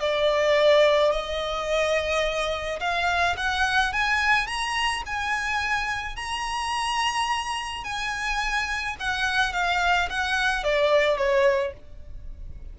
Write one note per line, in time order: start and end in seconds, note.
0.00 1.11 D5
1.11 2.80 D#5
2.80 3.36 F5
3.37 3.93 F#5
3.93 4.47 G#5
4.47 5.03 A#5
5.06 6.16 G#5
6.16 7.84 A#5
7.84 8.96 G#5
8.99 9.53 F#5
9.53 10.09 F5
10.10 10.64 F#5
10.64 11.17 D5
11.17 11.73 C#5